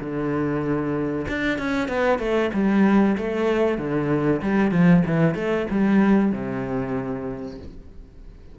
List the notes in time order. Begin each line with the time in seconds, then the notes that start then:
0.00 D3
1.28 D4
1.58 C#4
1.88 B3
2.19 A3
2.54 G3
3.18 A3
3.78 D3
4.42 G3
4.71 F3
5.06 E3
5.35 A3
5.70 G3
6.32 C3